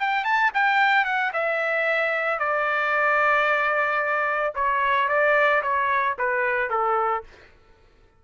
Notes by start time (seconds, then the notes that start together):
0.00 G5
0.25 A5
0.54 G5
1.05 F#5
1.33 E5
2.40 D5
4.55 C#5
5.09 D5
5.62 C#5
6.19 B4
6.70 A4